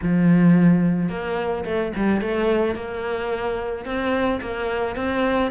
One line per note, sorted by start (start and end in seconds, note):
0.02 1.09 F3
1.09 1.64 A#3
1.64 1.92 A3
1.96 2.21 G3
2.21 2.75 A3
2.75 3.85 A#3
3.85 4.40 C4
4.41 4.96 A#3
4.96 5.51 C4